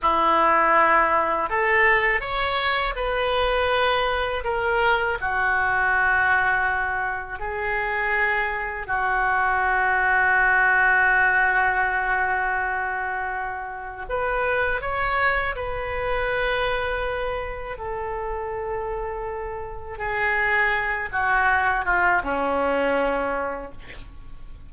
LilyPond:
\new Staff \with { instrumentName = "oboe" } { \time 4/4 \tempo 4 = 81 e'2 a'4 cis''4 | b'2 ais'4 fis'4~ | fis'2 gis'2 | fis'1~ |
fis'2. b'4 | cis''4 b'2. | a'2. gis'4~ | gis'8 fis'4 f'8 cis'2 | }